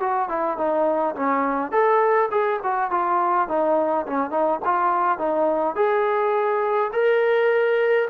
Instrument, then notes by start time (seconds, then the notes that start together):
trombone
0.00 F#4
0.29 E4
0.57 D#4
1.16 C#4
1.72 A4
2.31 G#4
2.63 F#4
2.91 F4
3.48 D#4
4.06 C#4
4.31 D#4
4.65 F4
5.18 D#4
5.76 G#4
6.93 A#4